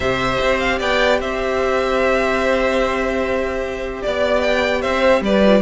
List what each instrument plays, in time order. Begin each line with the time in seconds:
0.00 cello C3, viola G4, violin C5 E5
0.41 cello C4
0.59 violin F5
0.78 cello B3, violin D5 G5
1.20 cello C4, violin C5 E5
4.02 cello B3, violin D5
4.41 violin G5
4.81 cello C4, violin C5 E5
5.21 cello G3, violin B4 D5
5.42 viola F4